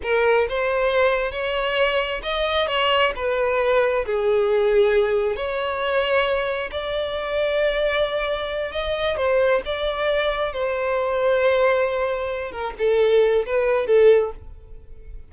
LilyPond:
\new Staff \with { instrumentName = "violin" } { \time 4/4 \tempo 4 = 134 ais'4 c''2 cis''4~ | cis''4 dis''4 cis''4 b'4~ | b'4 gis'2. | cis''2. d''4~ |
d''2.~ d''8 dis''8~ | dis''8 c''4 d''2 c''8~ | c''1 | ais'8 a'4. b'4 a'4 | }